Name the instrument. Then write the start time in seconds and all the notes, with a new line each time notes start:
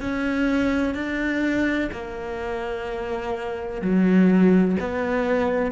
cello
0.00 C#4
0.94 D4
1.92 A#3
3.81 F#3
4.80 B3